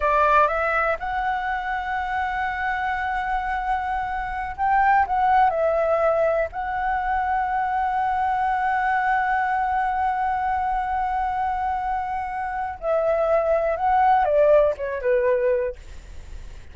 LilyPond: \new Staff \with { instrumentName = "flute" } { \time 4/4 \tempo 4 = 122 d''4 e''4 fis''2~ | fis''1~ | fis''4~ fis''16 g''4 fis''4 e''8.~ | e''4~ e''16 fis''2~ fis''8.~ |
fis''1~ | fis''1~ | fis''2 e''2 | fis''4 d''4 cis''8 b'4. | }